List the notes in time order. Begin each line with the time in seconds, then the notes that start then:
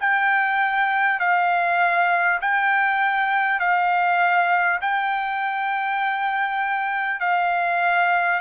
0.00 G5
1.20 F5
2.42 G5
3.60 F5
4.82 G5
7.20 F5